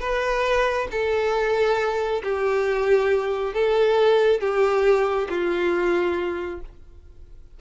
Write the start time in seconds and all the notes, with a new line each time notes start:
0.00 B4
0.91 A4
2.23 G4
3.54 A4
4.40 G4
5.29 F4